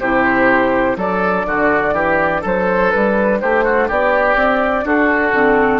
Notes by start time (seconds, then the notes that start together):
0.00 C3 E4 G4 C5
0.96 F#3 D4 A4 D5
1.45 D3 F#4
1.93 E3 G4
2.41 F#3 A4 C5
2.91 G3 B4
3.40 A3 G4 C5
3.64 F#4
3.88 B3 G4 D5
4.35 C4
4.84 D4 F#4 A4
5.32 D3 C4